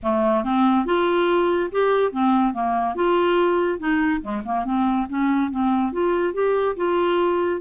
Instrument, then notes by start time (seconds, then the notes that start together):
clarinet
0.02 A3
0.44 C4
0.85 F4
1.71 G4
2.12 C4
2.53 A#3
2.95 F4
3.79 D#4
4.21 G#3
4.45 A#3
4.65 C4
5.09 C#4
5.50 C4
5.92 F4
6.33 G4
6.76 F4